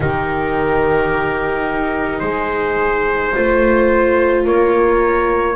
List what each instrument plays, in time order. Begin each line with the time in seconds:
0.00 double bass D#3, viola D#4, horn G4, trumpet A#4
2.19 double bass G#3, horn G#4, trumpet C5
3.33 double bass A3, viola F4, horn C5
4.45 double bass A#3, horn A#4, trumpet C#5